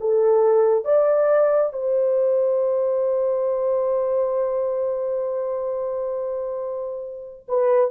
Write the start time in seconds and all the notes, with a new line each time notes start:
0.00 A4
0.85 D5
1.73 C5
7.48 B4